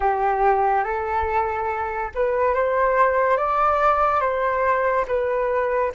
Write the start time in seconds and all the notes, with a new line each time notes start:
0.00 G4
0.84 A4
2.14 B4
2.54 C5
3.37 D5
4.20 C5
5.07 B4